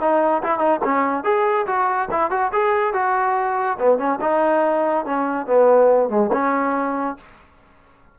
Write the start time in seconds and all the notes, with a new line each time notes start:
0.00 D#4
0.43 E4
0.58 D#4
0.84 C#4
1.24 G#4
1.66 F#4
2.11 E4
2.30 F#4
2.53 G#4
2.93 F#4
3.79 B3
3.98 C#4
4.21 D#4
5.05 C#4
5.46 B3
6.09 G#3
6.32 C#4